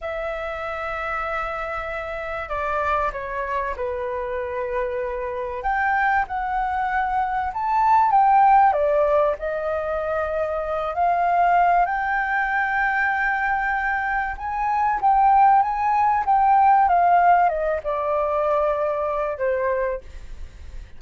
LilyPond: \new Staff \with { instrumentName = "flute" } { \time 4/4 \tempo 4 = 96 e''1 | d''4 cis''4 b'2~ | b'4 g''4 fis''2 | a''4 g''4 d''4 dis''4~ |
dis''4. f''4. g''4~ | g''2. gis''4 | g''4 gis''4 g''4 f''4 | dis''8 d''2~ d''8 c''4 | }